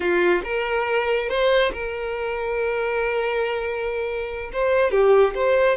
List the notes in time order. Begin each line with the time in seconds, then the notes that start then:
0.00 F4
0.44 A#4
1.29 C5
1.72 A#4
4.53 C5
4.91 G4
5.35 C5